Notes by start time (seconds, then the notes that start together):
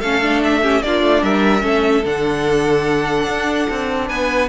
0.00 A3 C#4 A4 F5
0.22 D4
0.44 E5
0.62 C#4 G4
0.82 A#3 D4 F4 D5
1.02 A3
1.22 G3 A#4 E5
1.61 A3 C#4 A4
2.05 D3 D4 F#5
3.27 D4
3.70 C4
4.08 B3 B4 G#5